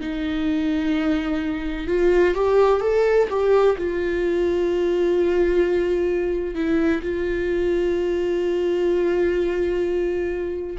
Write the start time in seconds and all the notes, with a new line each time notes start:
0.00 D#4
1.87 F4
2.34 G4
2.80 A4
3.29 G4
3.77 F4
6.55 E4
7.02 F4